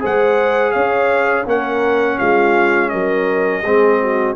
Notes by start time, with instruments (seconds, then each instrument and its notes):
0.00 tuba G#3, trombone G#4, horn C5, trumpet F#5
0.72 tuba C#4, horn C#5, trumpet F5
1.46 tuba A#3, trombone C#4, horn A#4, trumpet F#5
2.18 tuba G#3, horn F4, trumpet F5
2.89 tuba F#3, horn A#4, trumpet D#5
3.62 tuba G#3, trombone C4, horn G#4
4.01 horn F#4